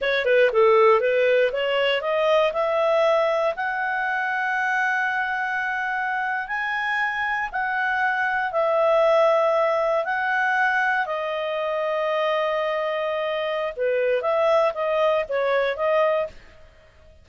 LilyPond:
\new Staff \with { instrumentName = "clarinet" } { \time 4/4 \tempo 4 = 118 cis''8 b'8 a'4 b'4 cis''4 | dis''4 e''2 fis''4~ | fis''1~ | fis''8. gis''2 fis''4~ fis''16~ |
fis''8. e''2. fis''16~ | fis''4.~ fis''16 dis''2~ dis''16~ | dis''2. b'4 | e''4 dis''4 cis''4 dis''4 | }